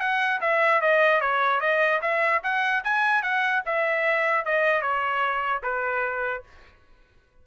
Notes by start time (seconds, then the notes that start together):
0.00 F#5
0.41 E5
0.81 D#5
1.20 C#5
1.61 D#5
2.02 E5
2.43 F#5
2.84 G#5
3.22 F#5
3.66 E5
4.45 D#5
4.81 C#5
5.62 B4